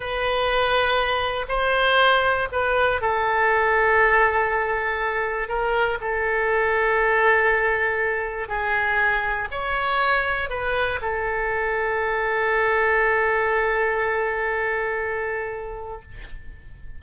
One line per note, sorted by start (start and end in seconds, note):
0.00 1.46 B4
1.48 2.48 C5
2.52 3.01 B4
3.01 5.48 A4
5.48 5.98 A#4
6.00 8.48 A4
8.48 9.48 G#4
9.51 10.49 C#5
10.49 10.99 B4
11.01 16.01 A4